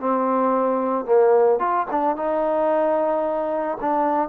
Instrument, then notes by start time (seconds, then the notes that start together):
trombone
0.00 C4
1.05 A#3
1.59 F4
1.91 D4
2.16 D#4
3.81 D4